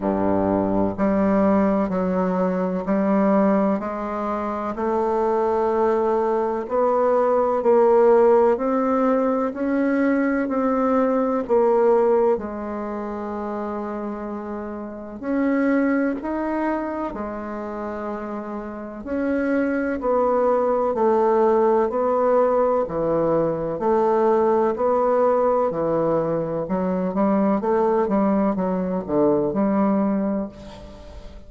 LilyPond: \new Staff \with { instrumentName = "bassoon" } { \time 4/4 \tempo 4 = 63 g,4 g4 fis4 g4 | gis4 a2 b4 | ais4 c'4 cis'4 c'4 | ais4 gis2. |
cis'4 dis'4 gis2 | cis'4 b4 a4 b4 | e4 a4 b4 e4 | fis8 g8 a8 g8 fis8 d8 g4 | }